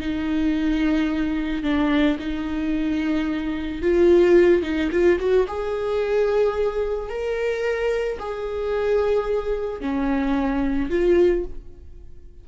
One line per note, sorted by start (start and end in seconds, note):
0.00 1.63 D#4
1.63 2.17 D4
2.19 3.82 D#4
3.82 4.62 F4
4.62 4.90 D#4
4.92 5.19 F4
5.19 5.46 F#4
5.47 7.09 G#4
7.09 8.18 A#4
8.19 9.81 G#4
9.81 10.90 C#4
10.90 11.44 F4